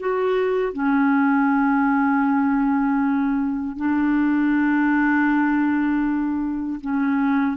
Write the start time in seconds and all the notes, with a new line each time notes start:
0.00 F#4
0.73 C#4
3.77 D4
6.81 C#4